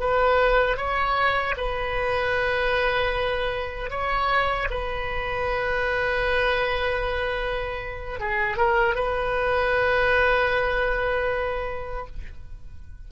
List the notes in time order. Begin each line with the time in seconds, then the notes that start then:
0.00 B4
0.77 C#5
1.57 B4
3.91 C#5
4.71 B4
8.20 G#4
8.57 A#4
8.95 B4